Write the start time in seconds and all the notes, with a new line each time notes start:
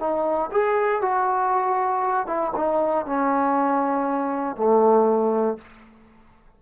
0.00 D#4
0.52 G#4
1.02 F#4
2.27 E4
2.57 D#4
3.07 C#4
4.57 A3